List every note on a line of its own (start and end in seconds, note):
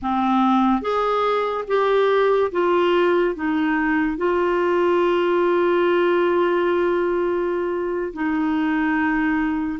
0.02 0.81 C4
0.81 1.64 G#4
1.67 2.51 G4
2.52 3.35 F4
3.35 4.17 D#4
4.17 8.12 F4
8.12 9.79 D#4